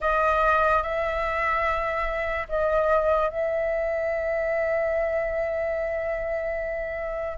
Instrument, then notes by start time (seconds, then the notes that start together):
flute
0.00 D#5
0.83 E5
2.48 D#5
3.29 E5